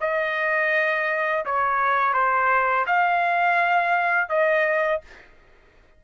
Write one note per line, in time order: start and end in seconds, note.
0.00 1.45 D#5
1.45 2.13 C#5
2.13 2.86 C5
2.86 4.29 F5
4.29 5.01 D#5